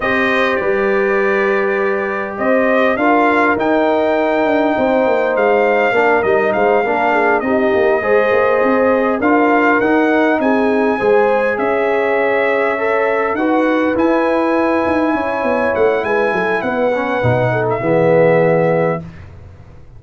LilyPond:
<<
  \new Staff \with { instrumentName = "trumpet" } { \time 4/4 \tempo 4 = 101 dis''4 d''2. | dis''4 f''4 g''2~ | g''4 f''4. dis''8 f''4~ | f''8 dis''2. f''8~ |
f''8 fis''4 gis''2 e''8~ | e''2~ e''8 fis''4 gis''8~ | gis''2~ gis''8 fis''8 gis''4 | fis''4.~ fis''16 e''2~ e''16 | }
  \new Staff \with { instrumentName = "horn" } { \time 4/4 c''4 b'2. | c''4 ais'2. | c''2 ais'4 c''8 ais'8 | gis'8 g'4 c''2 ais'8~ |
ais'4. gis'4 c''4 cis''8~ | cis''2~ cis''8 b'4.~ | b'4. cis''4. b'8 a'8 | b'4. a'8 gis'2 | }
  \new Staff \with { instrumentName = "trombone" } { \time 4/4 g'1~ | g'4 f'4 dis'2~ | dis'2 d'8 dis'4 d'8~ | d'8 dis'4 gis'2 f'8~ |
f'8 dis'2 gis'4.~ | gis'4. a'4 fis'4 e'8~ | e'1~ | e'8 cis'8 dis'4 b2 | }
  \new Staff \with { instrumentName = "tuba" } { \time 4/4 c'4 g2. | c'4 d'4 dis'4. d'8 | c'8 ais8 gis4 ais8 g8 gis8 ais8~ | ais8 c'8 ais8 gis8 ais8 c'4 d'8~ |
d'8 dis'4 c'4 gis4 cis'8~ | cis'2~ cis'8 dis'4 e'8~ | e'4 dis'8 cis'8 b8 a8 gis8 fis8 | b4 b,4 e2 | }
>>